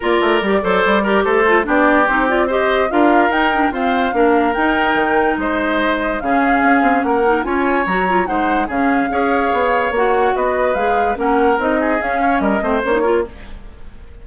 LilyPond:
<<
  \new Staff \with { instrumentName = "flute" } { \time 4/4 \tempo 4 = 145 d''2. c''4 | d''4 c''8 d''8 dis''4 f''4 | g''4 f''2 g''4~ | g''4 dis''2 f''4~ |
f''4 fis''4 gis''4 ais''4 | fis''4 f''2. | fis''4 dis''4 f''4 fis''4 | dis''4 f''4 dis''4 cis''4 | }
  \new Staff \with { instrumentName = "oboe" } { \time 4/4 ais'4. c''4 ais'8 a'4 | g'2 c''4 ais'4~ | ais'4 c''4 ais'2~ | ais'4 c''2 gis'4~ |
gis'4 ais'4 cis''2 | c''4 gis'4 cis''2~ | cis''4 b'2 ais'4~ | ais'8 gis'4 cis''8 ais'8 c''4 ais'8 | }
  \new Staff \with { instrumentName = "clarinet" } { \time 4/4 f'4 g'8 a'4 g'4 f'8 | d'4 dis'8 f'8 g'4 f'4 | dis'8 d'8 c'4 d'4 dis'4~ | dis'2. cis'4~ |
cis'4. dis'8 f'4 fis'8 f'8 | dis'4 cis'4 gis'2 | fis'2 gis'4 cis'4 | dis'4 cis'4. c'8 cis'16 dis'16 f'8 | }
  \new Staff \with { instrumentName = "bassoon" } { \time 4/4 ais8 a8 g8 fis8 g4 a4 | b4 c'2 d'4 | dis'4 f'4 ais4 dis'4 | dis4 gis2 cis4 |
cis'8 c'8 ais4 cis'4 fis4 | gis4 cis4 cis'4 b4 | ais4 b4 gis4 ais4 | c'4 cis'4 g8 a8 ais4 | }
>>